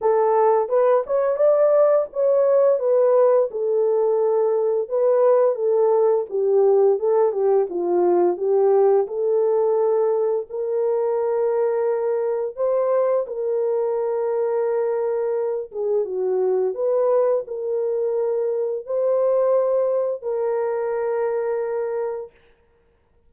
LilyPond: \new Staff \with { instrumentName = "horn" } { \time 4/4 \tempo 4 = 86 a'4 b'8 cis''8 d''4 cis''4 | b'4 a'2 b'4 | a'4 g'4 a'8 g'8 f'4 | g'4 a'2 ais'4~ |
ais'2 c''4 ais'4~ | ais'2~ ais'8 gis'8 fis'4 | b'4 ais'2 c''4~ | c''4 ais'2. | }